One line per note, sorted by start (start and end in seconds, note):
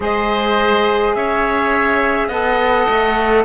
0.00 1.15 G#3
0.00 2.30 G#4
0.00 1.16 C5
0.00 1.14 D#5
1.14 2.28 C#4
1.14 2.28 C#5
1.14 2.28 E5
2.28 2.86 B3
2.28 3.44 A4
2.28 3.43 D#5
2.28 3.43 F#5
2.89 3.44 A3